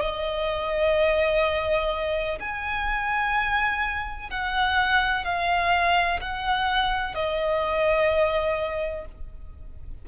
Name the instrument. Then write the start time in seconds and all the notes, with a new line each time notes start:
violin
0.00 D#5
2.39 G#5
4.30 F#5
5.24 F5
6.20 F#5
7.14 D#5